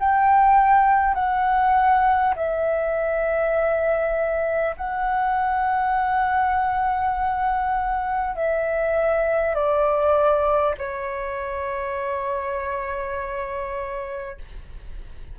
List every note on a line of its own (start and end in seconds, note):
0.00 1.15 G5
1.15 2.35 F#5
2.36 4.76 E5
4.77 8.36 F#5
8.36 9.55 E5
9.55 10.75 D5
10.78 14.38 C#5